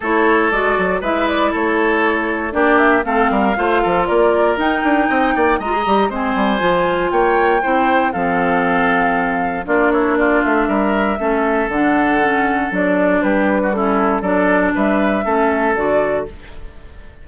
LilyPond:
<<
  \new Staff \with { instrumentName = "flute" } { \time 4/4 \tempo 4 = 118 cis''4 d''4 e''8 d''8 cis''4~ | cis''4 d''8 e''8 f''2 | d''4 g''2 ais''4 | gis''2 g''2 |
f''2. d''8 cis''8 | d''8 e''2~ e''8 fis''4~ | fis''4 d''4 b'4 a'4 | d''4 e''2 d''4 | }
  \new Staff \with { instrumentName = "oboe" } { \time 4/4 a'2 b'4 a'4~ | a'4 g'4 a'8 ais'8 c''8 a'8 | ais'2 dis''8 d''8 dis''4 | c''2 cis''4 c''4 |
a'2. f'8 e'8 | f'4 ais'4 a'2~ | a'2 g'8. fis'16 e'4 | a'4 b'4 a'2 | }
  \new Staff \with { instrumentName = "clarinet" } { \time 4/4 e'4 fis'4 e'2~ | e'4 d'4 c'4 f'4~ | f'4 dis'2 f'16 gis'16 g'8 | c'4 f'2 e'4 |
c'2. d'4~ | d'2 cis'4 d'4 | cis'4 d'2 cis'4 | d'2 cis'4 fis'4 | }
  \new Staff \with { instrumentName = "bassoon" } { \time 4/4 a4 gis8 fis8 gis4 a4~ | a4 ais4 a8 g8 a8 f8 | ais4 dis'8 d'8 c'8 ais8 gis8 g8 | gis8 g8 f4 ais4 c'4 |
f2. ais4~ | ais8 a8 g4 a4 d4~ | d4 fis4 g2 | fis4 g4 a4 d4 | }
>>